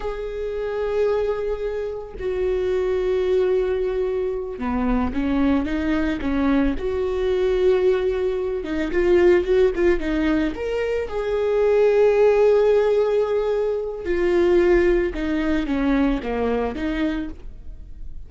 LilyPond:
\new Staff \with { instrumentName = "viola" } { \time 4/4 \tempo 4 = 111 gis'1 | fis'1~ | fis'8 b4 cis'4 dis'4 cis'8~ | cis'8 fis'2.~ fis'8 |
dis'8 f'4 fis'8 f'8 dis'4 ais'8~ | ais'8 gis'2.~ gis'8~ | gis'2 f'2 | dis'4 cis'4 ais4 dis'4 | }